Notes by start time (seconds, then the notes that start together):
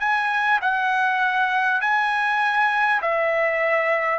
0.00 G#5
0.62 F#5
1.82 G#5
3.02 E5